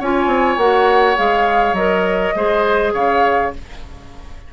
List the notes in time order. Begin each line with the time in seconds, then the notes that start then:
0.00 C#4 F4 C#5 G#5
0.27 C4
0.58 A#3 F#4 F#5
1.17 G#3 G#4 F5
1.73 F#3 A#4 D#5
2.36 G#3 G#4 C5
2.94 C#3 C#5 F5